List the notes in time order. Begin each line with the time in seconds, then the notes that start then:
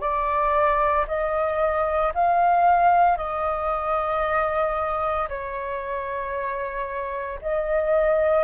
0.00 D5
1.08 D#5
2.14 F5
3.17 D#5
5.29 C#5
7.42 D#5